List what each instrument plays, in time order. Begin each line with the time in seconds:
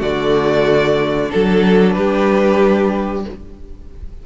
0.00 cello D3, viola A3, violin F#4 D5
1.30 cello F#3, viola D4, violin A4
1.93 cello G3, violin G4 B4